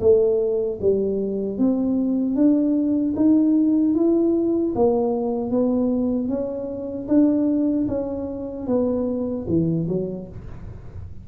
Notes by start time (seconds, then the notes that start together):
0.00 A3
0.81 G3
1.58 C4
2.35 D4
3.16 D#4
3.94 E4
4.75 A#3
5.50 B3
6.28 C#4
7.08 D4
7.87 C#4
8.66 B3
9.47 E3
9.88 F#3